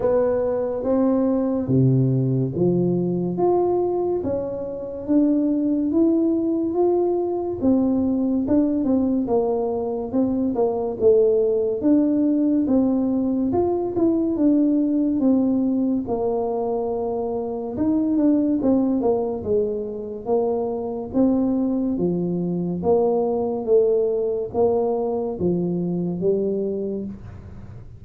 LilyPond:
\new Staff \with { instrumentName = "tuba" } { \time 4/4 \tempo 4 = 71 b4 c'4 c4 f4 | f'4 cis'4 d'4 e'4 | f'4 c'4 d'8 c'8 ais4 | c'8 ais8 a4 d'4 c'4 |
f'8 e'8 d'4 c'4 ais4~ | ais4 dis'8 d'8 c'8 ais8 gis4 | ais4 c'4 f4 ais4 | a4 ais4 f4 g4 | }